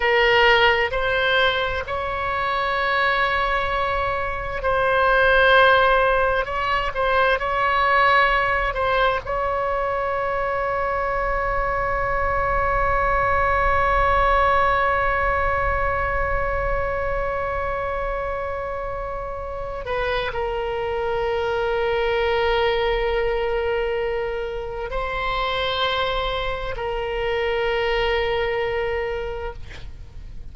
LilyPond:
\new Staff \with { instrumentName = "oboe" } { \time 4/4 \tempo 4 = 65 ais'4 c''4 cis''2~ | cis''4 c''2 cis''8 c''8 | cis''4. c''8 cis''2~ | cis''1~ |
cis''1~ | cis''4. b'8 ais'2~ | ais'2. c''4~ | c''4 ais'2. | }